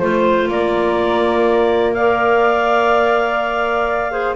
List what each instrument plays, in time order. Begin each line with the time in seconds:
0.00 double bass A3, clarinet F4 C5, flute C5
0.48 double bass A#3, flute A#4, clarinet D5
1.94 clarinet A#4 F5, flute D5
4.12 clarinet G#4, flute C5